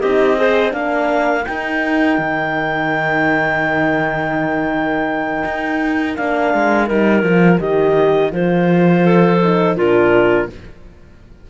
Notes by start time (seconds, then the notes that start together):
0.00 C4 D#4 G4 D#5
0.37 G#4 C5
0.71 A#3 D4 A#4 F5
1.45 D#4 G5
2.18 D#3
5.45 D#4
6.16 A#3 D4 F5
6.54 G#3
6.87 G3 D#4 A#4
7.23 F3 F4
7.59 D#3 G4 D#5
8.31 F3 F4 C5
9.04 A4
9.42 D#4
9.76 A#2 D4 F4 A#4